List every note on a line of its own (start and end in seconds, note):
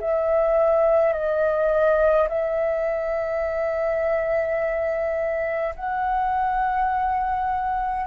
0.00 1.13 E5
1.13 2.28 D#5
2.29 5.75 E5
5.76 8.07 F#5